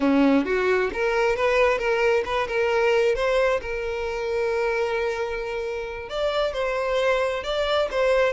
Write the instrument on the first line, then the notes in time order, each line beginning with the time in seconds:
violin
0.00 C#4
0.45 F#4
0.93 A#4
1.35 B4
1.78 A#4
2.25 B4
2.47 A#4
3.15 C5
3.61 A#4
6.09 D5
6.53 C5
7.43 D5
7.91 C5